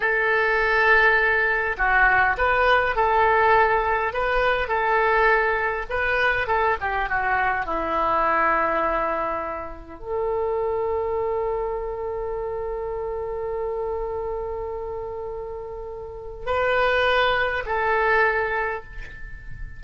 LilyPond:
\new Staff \with { instrumentName = "oboe" } { \time 4/4 \tempo 4 = 102 a'2. fis'4 | b'4 a'2 b'4 | a'2 b'4 a'8 g'8 | fis'4 e'2.~ |
e'4 a'2.~ | a'1~ | a'1 | b'2 a'2 | }